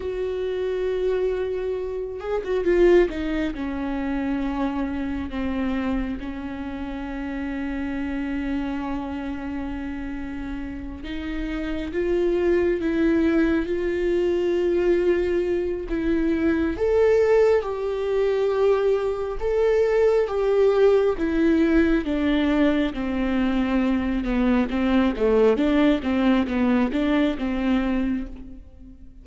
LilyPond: \new Staff \with { instrumentName = "viola" } { \time 4/4 \tempo 4 = 68 fis'2~ fis'8 gis'16 fis'16 f'8 dis'8 | cis'2 c'4 cis'4~ | cis'1~ | cis'8 dis'4 f'4 e'4 f'8~ |
f'2 e'4 a'4 | g'2 a'4 g'4 | e'4 d'4 c'4. b8 | c'8 a8 d'8 c'8 b8 d'8 c'4 | }